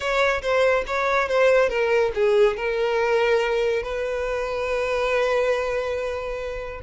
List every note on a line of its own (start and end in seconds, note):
0.00 0.41 C#5
0.42 0.84 C5
0.86 1.28 C#5
1.28 1.69 C5
1.69 2.11 A#4
2.14 2.56 G#4
2.56 3.83 A#4
3.83 6.80 B4